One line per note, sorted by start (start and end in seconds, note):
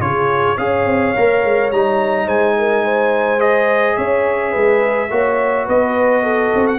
0.00 0.57 C#3
0.00 0.57 F4
0.00 0.57 G#4
0.00 0.57 C#5
0.57 0.85 C#4
0.57 1.15 G#4
0.57 2.26 C#5
0.57 1.71 F5
0.85 1.14 C4
1.15 1.43 A#3
1.15 1.72 A#4
1.43 1.71 G#3
1.71 2.27 G3
1.71 3.39 D#4
1.71 2.28 A#5
2.26 3.96 G#3
2.26 2.54 C5
2.26 3.40 G#5
2.58 2.84 A#4
2.84 3.96 C5
3.39 5.08 G#4
3.39 3.97 D#5
3.96 4.54 C#4
3.96 4.51 C#5
3.96 5.67 E5
4.51 5.10 G#3
4.51 5.08 B4
5.10 5.67 A#3
5.10 6.79 F#4
5.10 5.65 C#5
5.65 6.52 B3
5.65 6.22 B4
5.65 6.67 D#5
6.22 6.79 A4
6.54 6.79 C4
6.67 6.79 F#5